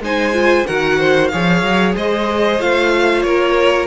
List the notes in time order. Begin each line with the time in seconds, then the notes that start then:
0.00 G#3 D#4 C5 G#5
0.33 F4
0.67 D#3 F#4 A#4 F#5
0.99 C5
1.28 F3 G#4 C#5 F5
1.63 F#3
1.96 G#3 C5 D#5
2.60 A3 F4 F5
3.22 A#3 A#4 C#5